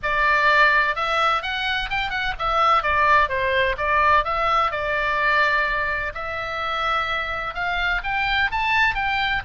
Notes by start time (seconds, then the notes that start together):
0.02 D5
0.95 E5
1.42 F#5
1.90 G5
2.10 F#5
2.38 E5
2.83 D5
3.29 C5
3.77 D5
4.24 E5
4.71 D5
6.14 E5
7.54 F5
8.03 G5
8.51 A5
8.95 G5